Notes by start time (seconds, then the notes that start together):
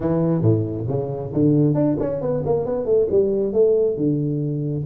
0.00 E3
0.41 A2
0.88 C#3
1.33 D3
1.74 D4
2.00 C#4
2.21 B3
2.45 A#3
2.65 B3
2.85 A3
3.11 G3
3.52 A3
3.96 D3